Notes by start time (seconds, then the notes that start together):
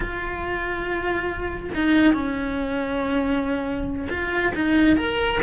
0.00 F4
1.74 D#4
2.13 C#4
4.09 F4
4.54 D#4
4.96 A#4